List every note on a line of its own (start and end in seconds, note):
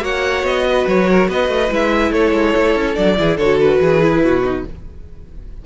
0.00 0.43 A#3
0.00 1.68 F#4
0.00 0.65 C#5
0.00 0.45 F#5
0.43 0.85 B3
0.43 0.87 D#5
0.69 1.10 B4
0.87 1.28 F#3
0.87 1.30 C#5
1.10 1.28 A#4
1.28 1.48 B3
1.28 2.12 B4
1.28 1.73 D#5
1.48 1.69 A3
1.70 2.11 G#3
1.70 2.95 E4
1.70 2.12 E5
2.11 2.32 A3
2.11 3.17 A4
2.11 2.95 C#5
2.32 2.53 G#3
2.56 2.75 A3
2.75 2.96 C#4
2.95 3.18 F#3
2.95 3.16 D4
2.95 3.37 D5
3.17 3.37 E3
3.17 3.38 E4
3.17 3.37 G#4
3.37 3.78 D3
3.37 4.01 F#4
3.37 3.79 A4
3.37 3.59 C#5
3.60 4.65 B4
3.80 4.22 E3
3.80 4.22 G#4
4.01 4.43 E4
4.22 4.64 B2
4.22 4.65 F#4
4.44 4.65 D#4